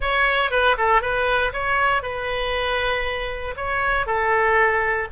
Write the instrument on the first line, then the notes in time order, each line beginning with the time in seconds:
oboe
0.00 C#5
0.50 B4
0.77 A4
1.01 B4
1.52 C#5
2.02 B4
3.56 C#5
4.06 A4